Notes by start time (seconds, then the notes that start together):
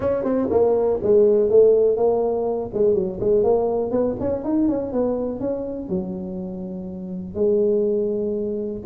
0.00 C#4
0.23 C4
0.50 A#3
1.02 G#3
1.50 A3
1.96 A#3
2.73 G#3
2.94 F#3
3.20 G#3
3.43 A#3
3.91 B3
4.20 C#4
4.44 D#4
4.68 C#4
4.92 B3
5.39 C#4
5.88 F#3
7.35 G#3